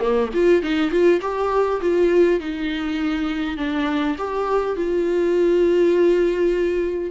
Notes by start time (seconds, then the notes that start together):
0.00 A#3
0.33 F4
0.63 D#4
0.91 F4
1.21 G4
1.81 F4
2.40 D#4
3.57 D4
4.18 G4
4.76 F4